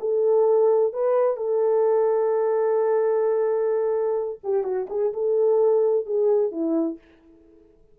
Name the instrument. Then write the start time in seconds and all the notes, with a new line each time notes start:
horn
0.00 A4
0.93 B4
1.37 A4
4.44 G4
4.63 F#4
4.89 G#4
5.13 A4
6.06 G#4
6.51 E4